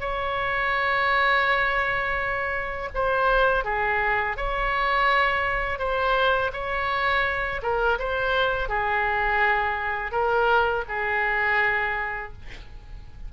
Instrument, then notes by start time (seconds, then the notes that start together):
oboe
0.00 C#5
2.94 C5
3.64 G#4
4.36 C#5
5.79 C5
6.53 C#5
7.62 A#4
7.99 C5
8.68 G#4
10.12 A#4
10.88 G#4